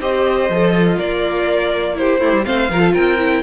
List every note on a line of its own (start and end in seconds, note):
0.00 0.49 C4
0.00 0.51 G4
0.00 0.74 C5
0.00 0.99 D#5
0.49 0.98 F3
0.49 0.97 A4
0.74 1.97 F4
0.97 2.20 A#3
0.97 1.95 A#4
0.97 1.98 D5
1.95 2.19 E4
1.95 2.20 G4
1.95 2.45 C5
2.20 2.33 A3
2.20 2.45 E4
2.20 2.45 G4
2.33 2.45 G3
2.45 2.70 A3
2.45 2.69 C4
2.45 2.70 C5
2.45 2.94 F5
2.70 2.94 F3
2.70 3.19 F4
2.70 2.80 A#4
2.80 2.92 A4
2.94 3.43 C4
2.94 3.43 A#4
2.94 3.43 G5
3.19 3.43 E4